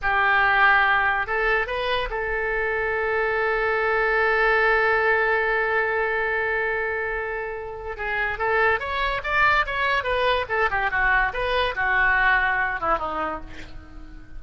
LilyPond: \new Staff \with { instrumentName = "oboe" } { \time 4/4 \tempo 4 = 143 g'2. a'4 | b'4 a'2.~ | a'1~ | a'1~ |
a'2. gis'4 | a'4 cis''4 d''4 cis''4 | b'4 a'8 g'8 fis'4 b'4 | fis'2~ fis'8 e'8 dis'4 | }